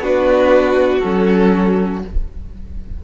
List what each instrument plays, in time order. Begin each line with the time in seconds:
0.00 cello B3, viola D4, violin F#4 B4
1.00 cello F#3, viola C#4, violin A4